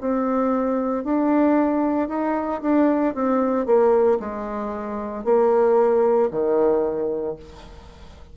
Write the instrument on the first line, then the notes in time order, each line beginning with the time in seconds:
bassoon
0.00 C4
1.04 D4
2.08 D#4
2.61 D4
3.14 C4
3.66 A#3
4.19 G#3
5.24 A#3
6.30 D#3